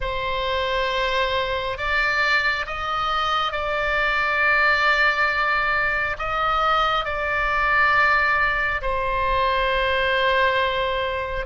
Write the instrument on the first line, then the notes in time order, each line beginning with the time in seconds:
oboe
0.00 C5
1.77 D5
2.66 D#5
3.52 D5
6.18 D#5
7.04 D5
8.81 C5